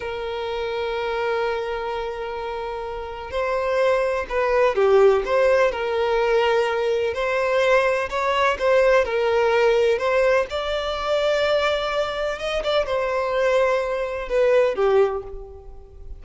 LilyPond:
\new Staff \with { instrumentName = "violin" } { \time 4/4 \tempo 4 = 126 ais'1~ | ais'2. c''4~ | c''4 b'4 g'4 c''4 | ais'2. c''4~ |
c''4 cis''4 c''4 ais'4~ | ais'4 c''4 d''2~ | d''2 dis''8 d''8 c''4~ | c''2 b'4 g'4 | }